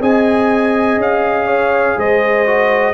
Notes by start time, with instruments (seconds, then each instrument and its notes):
0.00 tuba C4, trombone G#4, horn D#5, trumpet G#5
0.97 tuba C#4, trumpet F5
1.47 horn C#5
1.97 tuba G#3, horn C5, trumpet D#5
2.46 trombone F#4